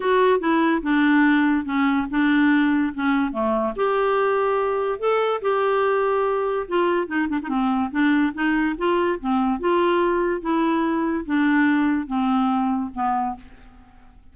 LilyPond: \new Staff \with { instrumentName = "clarinet" } { \time 4/4 \tempo 4 = 144 fis'4 e'4 d'2 | cis'4 d'2 cis'4 | a4 g'2. | a'4 g'2. |
f'4 dis'8 d'16 dis'16 c'4 d'4 | dis'4 f'4 c'4 f'4~ | f'4 e'2 d'4~ | d'4 c'2 b4 | }